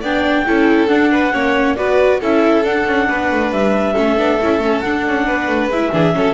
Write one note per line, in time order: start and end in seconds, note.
0.00 0.45 B3
0.00 0.46 D4
0.00 0.44 D5
0.00 0.87 G5
0.46 0.89 C#4
0.46 0.87 E4
0.46 1.11 A4
0.87 1.31 D4
0.87 1.32 D4
0.87 1.74 F#5
1.11 1.32 B4
1.32 1.77 A#3
1.32 1.76 C#4
1.32 1.76 C#5
1.74 2.21 B3
1.74 2.20 F#4
1.74 2.20 B4
1.74 2.18 D5
2.20 2.63 C#4
2.20 2.64 E4
2.20 3.07 A4
2.20 2.65 E5
2.63 2.85 D4
2.63 3.95 D4
2.63 3.52 F#5
2.86 3.08 C#4
3.08 3.31 B3
3.08 3.93 B4
3.31 3.51 A3
3.51 3.94 G3
3.51 4.80 E5
3.93 4.17 A3
3.93 4.17 C#4
3.93 5.24 A4
4.17 4.39 B3
4.17 4.39 D4
4.41 4.58 C#4
4.41 4.62 E4
4.58 4.80 A3
4.58 4.83 C#4
4.80 5.71 D4
4.80 5.07 D4
4.80 5.68 F#5
5.07 5.28 C#4
5.26 5.47 B3
5.26 5.91 B4
5.47 5.67 A3
5.67 5.89 G#3
5.67 5.92 E4
5.67 6.34 E5
5.92 6.14 E3
5.92 6.13 D4
5.92 6.15 G#4
6.13 6.34 F#3
6.13 6.34 C#4
6.13 6.34 A4